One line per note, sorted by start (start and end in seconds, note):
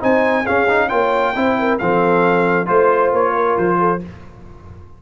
0.00 0.47 C4
0.00 0.44 D#4
0.00 0.42 C5
0.00 0.46 G#5
0.42 0.67 C#4
0.42 0.87 G#4
0.42 0.88 F5
0.50 0.91 C#4
0.68 0.89 D#4
0.88 1.35 A#3
0.88 1.34 F4
0.88 1.33 C#5
0.88 1.77 G5
1.35 1.79 C4
1.35 1.80 E4
1.35 1.57 C5
1.59 1.81 A#4
1.78 2.69 F3
1.78 2.65 C4
1.78 2.67 A4
1.78 2.67 F5
2.65 3.12 A3
2.65 3.99 F4
2.65 3.34 C5
2.65 3.12 C5
3.12 3.57 A#3
3.12 3.57 C#5
3.34 3.79 A#4
3.57 4.02 F3
3.57 4.02 C5
3.79 4.01 A4